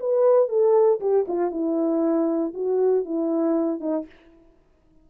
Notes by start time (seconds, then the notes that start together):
0.00 B4
0.49 A4
1.00 G4
1.28 F4
1.51 E4
2.54 F#4
3.05 E4
3.80 D#4